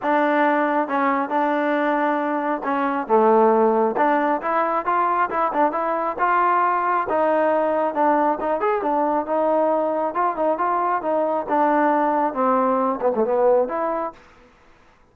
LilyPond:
\new Staff \with { instrumentName = "trombone" } { \time 4/4 \tempo 4 = 136 d'2 cis'4 d'4~ | d'2 cis'4 a4~ | a4 d'4 e'4 f'4 | e'8 d'8 e'4 f'2 |
dis'2 d'4 dis'8 gis'8 | d'4 dis'2 f'8 dis'8 | f'4 dis'4 d'2 | c'4. b16 a16 b4 e'4 | }